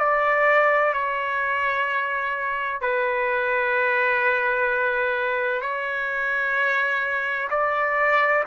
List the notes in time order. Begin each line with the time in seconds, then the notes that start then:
0.00 D5
0.94 C#5
2.81 B4
5.62 C#5
7.50 D5